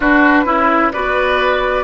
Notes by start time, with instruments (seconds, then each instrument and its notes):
0.00 bassoon D4, clarinet D4, oboe F#4, flute B4
0.45 bassoon C#4, clarinet E4, oboe E4
0.92 bassoon B3, clarinet F#4, oboe B4, flute D5